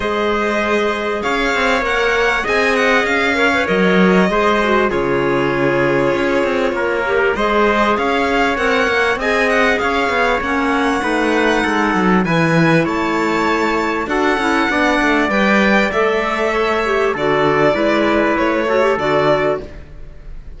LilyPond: <<
  \new Staff \with { instrumentName = "violin" } { \time 4/4 \tempo 4 = 98 dis''2 f''4 fis''4 | gis''8 fis''8 f''4 dis''2 | cis''1 | dis''4 f''4 fis''4 gis''8 fis''8 |
f''4 fis''2. | gis''4 a''2 fis''4~ | fis''4 g''4 e''2 | d''2 cis''4 d''4 | }
  \new Staff \with { instrumentName = "trumpet" } { \time 4/4 c''2 cis''2 | dis''4. cis''4. c''4 | gis'2. ais'4 | c''4 cis''2 dis''4 |
cis''2 b'4 a'4 | b'4 cis''2 a'4 | d''2. cis''4 | a'4 b'4. a'4. | }
  \new Staff \with { instrumentName = "clarinet" } { \time 4/4 gis'2. ais'4 | gis'4. ais'16 b'16 ais'4 gis'8 fis'8 | f'2.~ f'8 g'8 | gis'2 ais'4 gis'4~ |
gis'4 cis'4 dis'2 | e'2. fis'8 e'8 | d'4 b'4 a'4. g'8 | fis'4 e'4. fis'16 g'16 fis'4 | }
  \new Staff \with { instrumentName = "cello" } { \time 4/4 gis2 cis'8 c'8 ais4 | c'4 cis'4 fis4 gis4 | cis2 cis'8 c'8 ais4 | gis4 cis'4 c'8 ais8 c'4 |
cis'8 b8 ais4 a4 gis8 fis8 | e4 a2 d'8 cis'8 | b8 a8 g4 a2 | d4 gis4 a4 d4 | }
>>